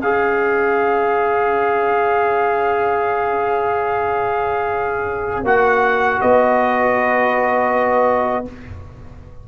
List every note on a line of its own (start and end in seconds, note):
0.00 5.44 C#4
0.00 5.45 G#4
0.00 6.20 C#5
0.00 5.45 F5
5.44 6.19 A#3
5.44 8.45 F#4
5.44 6.21 F#5
6.21 8.48 B3
6.21 8.46 B4
6.21 8.46 D#5